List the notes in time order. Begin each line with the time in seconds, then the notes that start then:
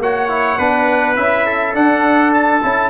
0.00 A#3 F#4 C#5 F#5
0.30 E4
0.59 B3 D4 B4
1.16 C#4 E4 E5
1.46 A4
1.74 D4 F#5
2.34 A5
2.63 C#4 E4